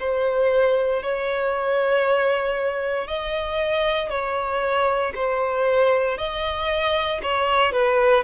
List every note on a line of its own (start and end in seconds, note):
0.00 1.03 C5
1.03 3.08 C#5
3.08 4.10 D#5
4.10 5.13 C#5
5.15 6.18 C5
6.18 7.21 D#5
7.23 7.73 C#5
7.73 8.24 B4